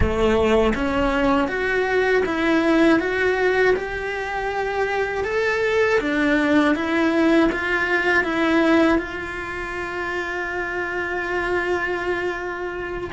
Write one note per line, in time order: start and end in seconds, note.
0.00 0.73 A3
0.75 1.48 C#4
1.48 2.23 F#4
2.25 2.99 E4
2.99 3.74 F#4
3.76 5.24 G4
5.24 5.99 A4
6.00 6.75 D4
6.75 7.50 E4
7.51 8.23 F4
8.23 8.98 E4
8.98 13.10 F4